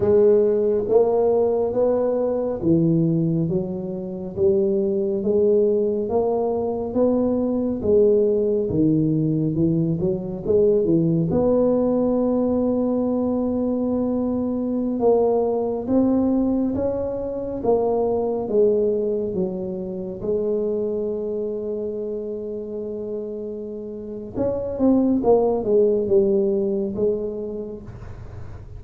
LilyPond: \new Staff \with { instrumentName = "tuba" } { \time 4/4 \tempo 4 = 69 gis4 ais4 b4 e4 | fis4 g4 gis4 ais4 | b4 gis4 dis4 e8 fis8 | gis8 e8 b2.~ |
b4~ b16 ais4 c'4 cis'8.~ | cis'16 ais4 gis4 fis4 gis8.~ | gis1 | cis'8 c'8 ais8 gis8 g4 gis4 | }